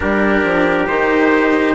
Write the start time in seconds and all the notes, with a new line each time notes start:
0.00 G3 D4 G4 A#4
0.43 F3
0.87 D#3 D#4 C5